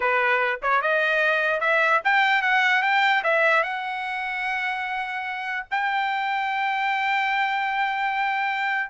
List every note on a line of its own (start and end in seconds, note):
0.00 0.60 B4
0.62 0.81 C#5
0.81 1.60 D#5
1.60 2.01 E5
2.04 2.42 G5
2.42 2.82 F#5
2.82 3.22 G5
3.23 3.63 E5
3.63 5.66 F#5
5.70 8.89 G5